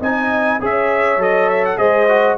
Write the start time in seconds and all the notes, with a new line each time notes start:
0.00 C4 D#4 D#5 G#5
0.60 C#4 G#4 C#5 E5
1.17 F#3 A4 D#5
1.50 E5
1.65 F#5
1.77 G#3 G#4 C5 D#5
2.08 F#4